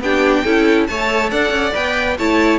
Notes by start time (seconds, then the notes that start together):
0.00 B3 D4 G4 G5
0.44 C#4 E4 A4
0.87 A3 A4 C#5 A5
1.30 D4 D5 F#5
1.50 C#4
1.73 B3 B4 G5
2.18 A3 E4 C#5 A5